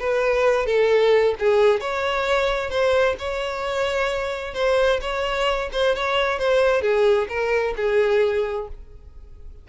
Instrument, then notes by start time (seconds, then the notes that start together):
violin
0.00 B4
0.67 A4
1.40 G#4
1.81 C#5
2.70 C5
3.19 C#5
4.55 C5
5.02 C#5
5.73 C5
5.96 C#5
6.39 C5
6.82 G#4
7.29 A#4
7.77 G#4